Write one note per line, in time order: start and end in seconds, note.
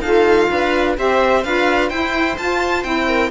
0.00 0.47 D#4
0.00 0.96 F4
0.00 0.50 A4
0.00 0.95 F5
0.50 0.97 D4
0.50 0.98 B4
0.96 1.44 C4
0.96 1.43 G4
0.96 1.45 C5
0.96 1.44 E5
1.44 1.91 D4
1.44 1.91 F4
1.44 1.89 B4
1.44 1.89 F5
1.89 2.37 E4
1.89 2.39 E4
1.89 3.07 C5
1.89 2.36 G5
2.38 2.84 F4
2.38 2.83 A5
2.83 3.31 C4
2.83 3.30 E4
2.83 3.30 G5
3.08 3.31 A#4